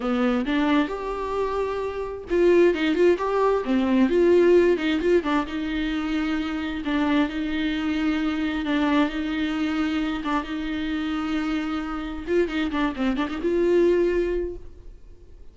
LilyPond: \new Staff \with { instrumentName = "viola" } { \time 4/4 \tempo 4 = 132 b4 d'4 g'2~ | g'4 f'4 dis'8 f'8 g'4 | c'4 f'4. dis'8 f'8 d'8 | dis'2. d'4 |
dis'2. d'4 | dis'2~ dis'8 d'8 dis'4~ | dis'2. f'8 dis'8 | d'8 c'8 d'16 dis'16 f'2~ f'8 | }